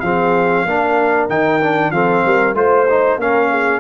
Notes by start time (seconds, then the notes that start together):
0.00 F3 C4 G#4 F5
0.64 A#3 D4 A#4
1.29 D#3 D#4 G5
1.61 D4
1.91 F3 C4 A4 F5
2.25 G3 A#4
2.54 A3 F4 C5
2.89 D#4
3.17 A#3 C#4 A#4 F5
3.50 G#4